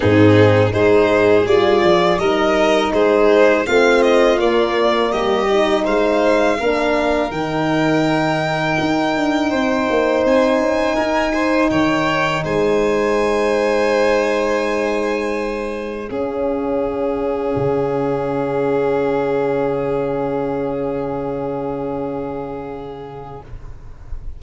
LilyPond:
<<
  \new Staff \with { instrumentName = "violin" } { \time 4/4 \tempo 4 = 82 gis'4 c''4 d''4 dis''4 | c''4 f''8 dis''8 d''4 dis''4 | f''2 g''2~ | g''2 gis''2 |
g''4 gis''2.~ | gis''2 f''2~ | f''1~ | f''1 | }
  \new Staff \with { instrumentName = "violin" } { \time 4/4 dis'4 gis'2 ais'4 | gis'4 f'2 g'4 | c''4 ais'2.~ | ais'4 c''2 ais'8 c''8 |
cis''4 c''2.~ | c''2 gis'2~ | gis'1~ | gis'1 | }
  \new Staff \with { instrumentName = "horn" } { \time 4/4 c'4 dis'4 f'4 dis'4~ | dis'4 c'4 ais4. dis'8~ | dis'4 d'4 dis'2~ | dis'1~ |
dis'1~ | dis'2 cis'2~ | cis'1~ | cis'1 | }
  \new Staff \with { instrumentName = "tuba" } { \time 4/4 gis,4 gis4 g8 f8 g4 | gis4 a4 ais4 g4 | gis4 ais4 dis2 | dis'8 d'8 c'8 ais8 c'8 cis'8 dis'4 |
dis4 gis2.~ | gis2 cis'2 | cis1~ | cis1 | }
>>